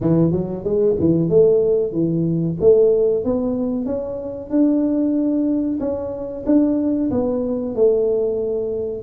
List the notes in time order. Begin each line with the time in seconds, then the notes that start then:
0.01 E3
0.31 F#3
0.63 G#3
0.99 E3
1.29 A3
1.92 E3
2.60 A3
3.24 B3
3.85 C#4
4.50 D4
5.80 C#4
6.45 D4
7.10 B3
7.75 A3